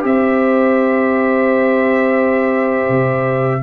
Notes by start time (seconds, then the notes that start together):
0.00 C4 G4 E5
0.06 C5
2.89 C3